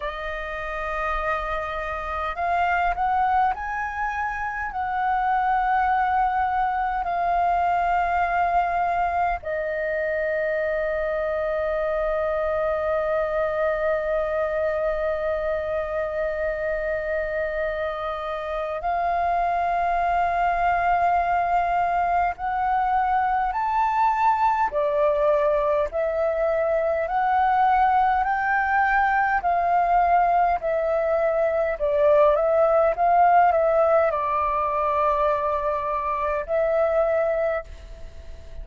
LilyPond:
\new Staff \with { instrumentName = "flute" } { \time 4/4 \tempo 4 = 51 dis''2 f''8 fis''8 gis''4 | fis''2 f''2 | dis''1~ | dis''1 |
f''2. fis''4 | a''4 d''4 e''4 fis''4 | g''4 f''4 e''4 d''8 e''8 | f''8 e''8 d''2 e''4 | }